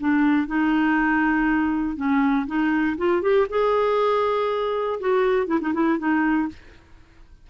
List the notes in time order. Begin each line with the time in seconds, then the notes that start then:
0.00 D4
0.47 D#4
1.96 C#4
2.47 D#4
2.97 F4
3.22 G4
3.50 G#4
5.00 F#4
5.47 E4
5.61 D#4
5.74 E4
5.98 D#4